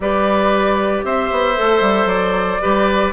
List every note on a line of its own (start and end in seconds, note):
0.00 1.03 G3
0.00 1.55 G4
0.00 1.05 B4
0.00 1.04 D5
1.03 1.30 C4
1.03 2.61 C5
1.03 2.08 E5
1.31 1.57 B3
1.55 1.80 A3
1.55 2.60 A4
1.80 2.05 G3
2.05 2.57 F#3
2.05 3.12 D5
2.60 3.12 G3
2.60 3.12 G4
2.60 3.12 B4